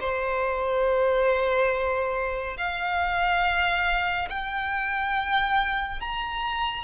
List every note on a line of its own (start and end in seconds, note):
0.00 2.57 C5
2.57 4.29 F5
4.30 6.00 G5
6.00 6.84 A#5